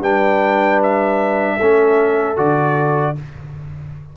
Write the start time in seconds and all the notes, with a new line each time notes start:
0.00 G3 D4 B4 G5
0.83 E5
1.57 A3 C#4 A4
2.37 D3 F#4 D5